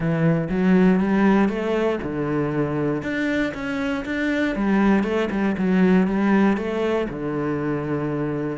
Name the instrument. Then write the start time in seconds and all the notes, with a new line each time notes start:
cello
0.00 E3
0.49 F#3
1.00 G3
1.48 A3
2.03 D3
3.02 D4
3.54 C#4
4.05 D4
4.55 G3
5.03 A3
5.31 G3
5.57 F#3
6.07 G3
6.57 A3
7.09 D3